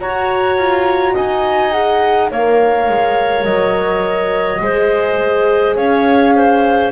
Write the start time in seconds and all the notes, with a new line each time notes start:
0.00 F#4 C#5 A#5
0.57 F4
1.13 D#4 D#5 G#5
1.72 G#4 F#5
2.30 A#3 A#4 C#5 F5
2.88 G#3
3.44 F#3 D#5
4.61 G#3 G#4 C5
5.76 C#4 C#5 F5
6.35 C5